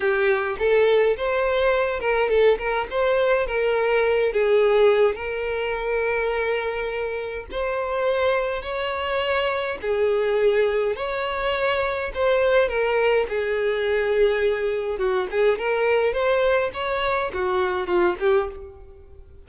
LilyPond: \new Staff \with { instrumentName = "violin" } { \time 4/4 \tempo 4 = 104 g'4 a'4 c''4. ais'8 | a'8 ais'8 c''4 ais'4. gis'8~ | gis'4 ais'2.~ | ais'4 c''2 cis''4~ |
cis''4 gis'2 cis''4~ | cis''4 c''4 ais'4 gis'4~ | gis'2 fis'8 gis'8 ais'4 | c''4 cis''4 fis'4 f'8 g'8 | }